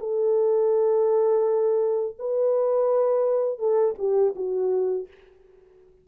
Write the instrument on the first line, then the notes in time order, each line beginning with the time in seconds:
horn
0.00 A4
2.19 B4
3.59 A4
3.99 G4
4.36 F#4